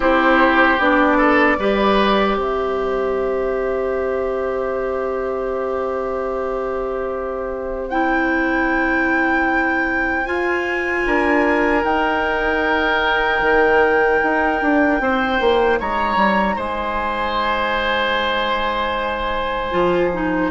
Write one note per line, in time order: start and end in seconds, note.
0.00 0.78 C4
0.00 0.78 E4
0.00 1.17 G4
0.00 0.80 C5
0.79 1.58 B3
0.79 1.59 D4
0.79 2.37 D5
1.17 1.57 A4
1.58 2.35 G3
1.58 7.91 G4
1.58 2.37 B4
2.35 10.25 C4
2.35 11.06 C5
2.35 7.89 E5
7.89 10.25 E4
7.89 10.25 G5
10.25 11.81 F4
10.25 11.05 F4
10.25 11.83 G#5
11.06 11.84 D4
11.06 15.01 A#4
11.81 19.70 D#4
11.81 13.40 D#4
11.81 15.79 G5
13.40 14.19 D#3
14.23 14.62 D#4
14.62 15.00 D4
15.00 15.39 C4
15.00 15.79 C5
15.40 15.79 A#3
15.79 16.16 G#3
15.79 16.55 C#5
15.79 16.59 A#5
16.16 16.55 G3
16.55 19.72 G#3
16.55 20.50 C5
16.55 20.51 G#5
19.71 20.51 F3
19.71 20.10 F4
20.13 20.51 D#4